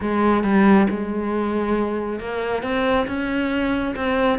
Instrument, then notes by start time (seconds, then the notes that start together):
cello
0.01 G#3
0.43 G3
0.90 G#3
2.19 A#3
2.62 C4
3.07 C#4
3.95 C4